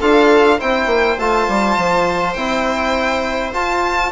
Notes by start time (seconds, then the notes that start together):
0.00 D4 F4 A4 F5
0.58 C4 E4 C5 G5
0.87 A#3
1.18 A3 F4 A5
1.48 G3
1.77 F3
2.33 C4 E4 G5
3.53 F4 A5